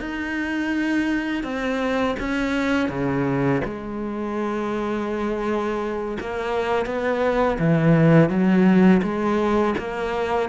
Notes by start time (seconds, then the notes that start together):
0.00 D#4
1.44 C4
2.20 C#4
2.89 C#3
3.65 G#3
6.21 A#3
6.86 B3
7.59 E3
8.29 F#3
9.03 G#3
9.78 A#3